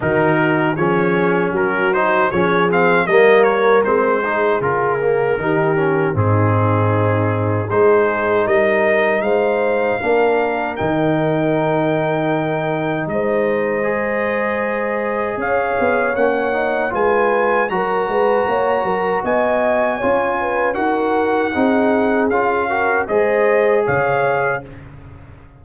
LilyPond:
<<
  \new Staff \with { instrumentName = "trumpet" } { \time 4/4 \tempo 4 = 78 ais'4 cis''4 ais'8 c''8 cis''8 f''8 | dis''8 cis''8 c''4 ais'2 | gis'2 c''4 dis''4 | f''2 g''2~ |
g''4 dis''2. | f''4 fis''4 gis''4 ais''4~ | ais''4 gis''2 fis''4~ | fis''4 f''4 dis''4 f''4 | }
  \new Staff \with { instrumentName = "horn" } { \time 4/4 fis'4 gis'4 fis'4 gis'4 | ais'4. gis'4. g'4 | dis'2 gis'4 ais'4 | c''4 ais'2.~ |
ais'4 c''2. | cis''2 b'4 ais'8 b'8 | cis''8 ais'8 dis''4 cis''8 b'8 ais'4 | gis'4. ais'8 c''4 cis''4 | }
  \new Staff \with { instrumentName = "trombone" } { \time 4/4 dis'4 cis'4. dis'8 cis'8 c'8 | ais4 c'8 dis'8 f'8 ais8 dis'8 cis'8 | c'2 dis'2~ | dis'4 d'4 dis'2~ |
dis'2 gis'2~ | gis'4 cis'8 dis'8 f'4 fis'4~ | fis'2 f'4 fis'4 | dis'4 f'8 fis'8 gis'2 | }
  \new Staff \with { instrumentName = "tuba" } { \time 4/4 dis4 f4 fis4 f4 | g4 gis4 cis4 dis4 | gis,2 gis4 g4 | gis4 ais4 dis2~ |
dis4 gis2. | cis'8 b8 ais4 gis4 fis8 gis8 | ais8 fis8 b4 cis'4 dis'4 | c'4 cis'4 gis4 cis4 | }
>>